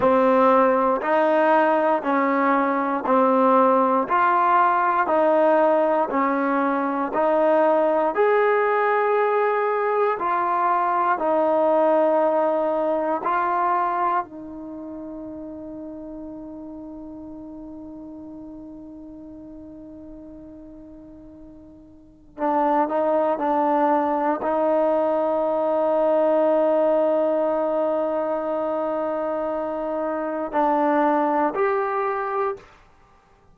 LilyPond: \new Staff \with { instrumentName = "trombone" } { \time 4/4 \tempo 4 = 59 c'4 dis'4 cis'4 c'4 | f'4 dis'4 cis'4 dis'4 | gis'2 f'4 dis'4~ | dis'4 f'4 dis'2~ |
dis'1~ | dis'2 d'8 dis'8 d'4 | dis'1~ | dis'2 d'4 g'4 | }